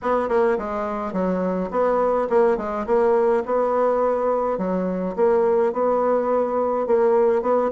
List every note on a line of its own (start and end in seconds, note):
0.02 0.29 B3
0.29 0.57 A#3
0.58 1.12 G#3
1.12 1.69 F#3
1.70 2.28 B3
2.29 2.57 A#3
2.57 2.85 G#3
2.86 3.43 A#3
3.45 4.57 B3
4.57 5.15 F#3
5.16 5.72 A#3
5.72 6.86 B3
6.86 7.42 A#3
7.42 7.70 B3